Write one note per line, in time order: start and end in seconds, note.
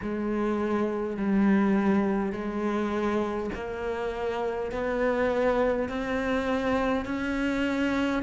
0.02 1.17 G#3
1.17 2.32 G3
2.32 3.50 G#3
3.55 4.71 A#3
4.71 5.88 B3
5.88 7.05 C4
7.05 8.22 C#4